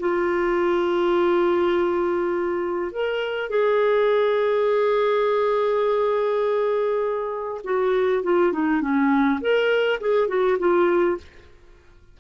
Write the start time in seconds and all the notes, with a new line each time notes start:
0.00 F4
2.92 A#4
3.50 G#4
7.64 F#4
8.24 F4
8.53 D#4
8.82 C#4
9.41 A#4
10.01 G#4
10.28 F#4
10.59 F4